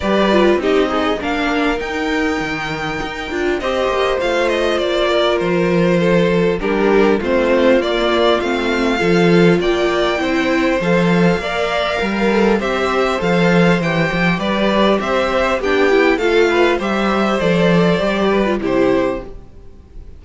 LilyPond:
<<
  \new Staff \with { instrumentName = "violin" } { \time 4/4 \tempo 4 = 100 d''4 dis''4 f''4 g''4~ | g''2 dis''4 f''8 dis''8 | d''4 c''2 ais'4 | c''4 d''4 f''2 |
g''2 f''2~ | f''4 e''4 f''4 g''4 | d''4 e''4 g''4 f''4 | e''4 d''2 c''4 | }
  \new Staff \with { instrumentName = "violin" } { \time 4/4 b'4 g'8 dis'8 ais'2~ | ais'2 c''2~ | c''8 ais'4. a'4 g'4 | f'2. a'4 |
d''4 c''2 d''4 | ais'4 c''2. | b'4 c''4 g'4 a'8 b'8 | c''2~ c''8 b'8 g'4 | }
  \new Staff \with { instrumentName = "viola" } { \time 4/4 g'8 f'8 dis'8 gis'8 d'4 dis'4~ | dis'4. f'8 g'4 f'4~ | f'2. d'4 | c'4 ais4 c'4 f'4~ |
f'4 e'4 a'4 ais'4~ | ais'8 a'8 g'4 a'4 g'4~ | g'2 d'8 e'8 f'4 | g'4 a'4 g'8. f'16 e'4 | }
  \new Staff \with { instrumentName = "cello" } { \time 4/4 g4 c'4 ais4 dis'4 | dis4 dis'8 d'8 c'8 ais8 a4 | ais4 f2 g4 | a4 ais4 a4 f4 |
ais4 c'4 f4 ais4 | g4 c'4 f4 e8 f8 | g4 c'4 b4 a4 | g4 f4 g4 c4 | }
>>